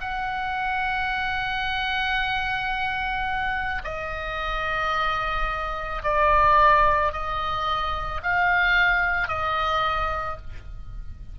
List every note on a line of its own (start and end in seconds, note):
0.00 3.82 F#5
3.84 6.02 D#5
6.03 7.12 D5
7.12 8.21 D#5
8.23 9.28 F5
9.28 10.37 D#5